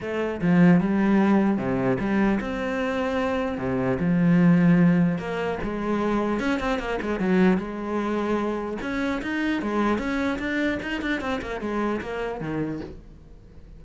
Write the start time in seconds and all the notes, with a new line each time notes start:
0.01 A3
0.41 F3
0.80 G3
1.57 C3
1.99 G3
2.40 C4
3.58 C3
3.99 F3
5.18 A#3
5.63 G#3
6.39 C#4
6.59 C4
6.79 A#3
7.01 G#3
7.19 F#3
7.57 G#3
8.81 C#4
9.22 D#4
9.62 G#3
9.98 C#4
10.38 D4
10.82 D#4
11.01 D4
11.20 C4
11.41 A#3
11.60 G#3
12.01 A#3
12.40 D#3